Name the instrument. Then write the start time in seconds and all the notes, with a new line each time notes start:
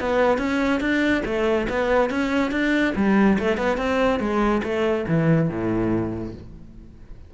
cello
0.00 B3
0.38 C#4
0.80 D4
1.25 A3
1.69 B3
2.10 C#4
2.51 D4
2.96 G3
3.39 A3
3.57 B3
3.77 C4
4.20 G#3
4.63 A3
5.08 E3
5.49 A2